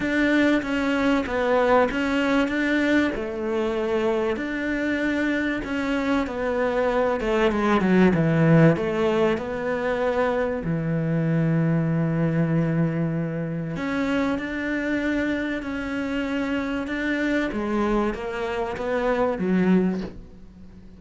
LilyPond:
\new Staff \with { instrumentName = "cello" } { \time 4/4 \tempo 4 = 96 d'4 cis'4 b4 cis'4 | d'4 a2 d'4~ | d'4 cis'4 b4. a8 | gis8 fis8 e4 a4 b4~ |
b4 e2.~ | e2 cis'4 d'4~ | d'4 cis'2 d'4 | gis4 ais4 b4 fis4 | }